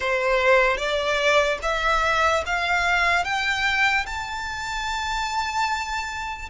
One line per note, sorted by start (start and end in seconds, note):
0.00 0.77 C5
0.77 1.58 D5
1.62 2.43 E5
2.45 3.24 F5
3.24 4.05 G5
4.05 6.49 A5